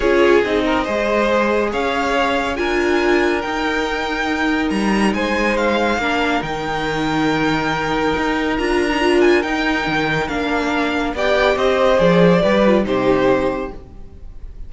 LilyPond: <<
  \new Staff \with { instrumentName = "violin" } { \time 4/4 \tempo 4 = 140 cis''4 dis''2. | f''2 gis''2 | g''2. ais''4 | gis''4 f''2 g''4~ |
g''1 | ais''4. gis''8 g''2 | f''2 g''4 dis''4 | d''2 c''2 | }
  \new Staff \with { instrumentName = "violin" } { \time 4/4 gis'4. ais'8 c''2 | cis''2 ais'2~ | ais'1 | c''2 ais'2~ |
ais'1~ | ais'1~ | ais'2 d''4 c''4~ | c''4 b'4 g'2 | }
  \new Staff \with { instrumentName = "viola" } { \time 4/4 f'4 dis'4 gis'2~ | gis'2 f'2 | dis'1~ | dis'2 d'4 dis'4~ |
dis'1 | f'8. dis'16 f'4 dis'2 | d'2 g'2 | gis'4 g'8 f'8 dis'2 | }
  \new Staff \with { instrumentName = "cello" } { \time 4/4 cis'4 c'4 gis2 | cis'2 d'2 | dis'2. g4 | gis2 ais4 dis4~ |
dis2. dis'4 | d'2 dis'4 dis4 | ais2 b4 c'4 | f4 g4 c2 | }
>>